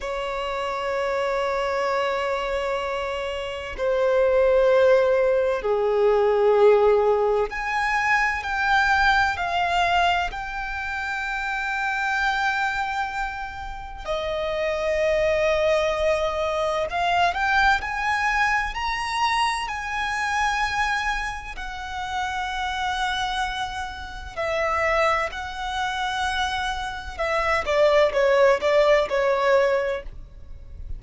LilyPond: \new Staff \with { instrumentName = "violin" } { \time 4/4 \tempo 4 = 64 cis''1 | c''2 gis'2 | gis''4 g''4 f''4 g''4~ | g''2. dis''4~ |
dis''2 f''8 g''8 gis''4 | ais''4 gis''2 fis''4~ | fis''2 e''4 fis''4~ | fis''4 e''8 d''8 cis''8 d''8 cis''4 | }